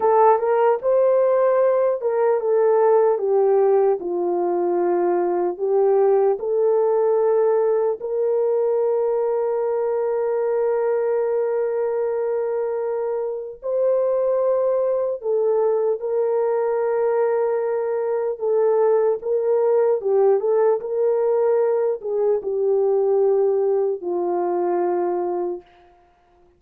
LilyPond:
\new Staff \with { instrumentName = "horn" } { \time 4/4 \tempo 4 = 75 a'8 ais'8 c''4. ais'8 a'4 | g'4 f'2 g'4 | a'2 ais'2~ | ais'1~ |
ais'4 c''2 a'4 | ais'2. a'4 | ais'4 g'8 a'8 ais'4. gis'8 | g'2 f'2 | }